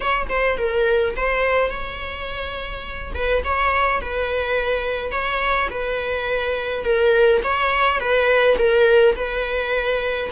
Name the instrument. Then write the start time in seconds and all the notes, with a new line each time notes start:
viola
0.00 C#5
0.29 C5
0.57 A#4
1.16 C5
1.70 C#5
3.14 B4
3.44 C#5
4.01 B4
5.11 C#5
5.70 B4
6.84 A#4
7.43 C#5
7.99 B4
8.58 A#4
9.15 B4